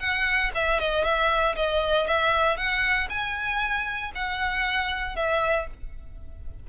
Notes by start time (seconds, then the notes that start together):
0.00 F#5
0.55 E5
0.80 D#5
1.04 E5
1.56 D#5
2.07 E5
2.57 F#5
3.10 G#5
4.15 F#5
5.16 E5